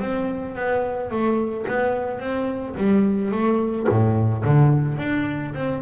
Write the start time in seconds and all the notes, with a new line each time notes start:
0.00 C4
0.56 B3
1.11 A3
1.68 B3
2.20 C4
2.78 G3
3.32 A3
3.89 A2
4.44 D3
4.98 D4
5.54 C4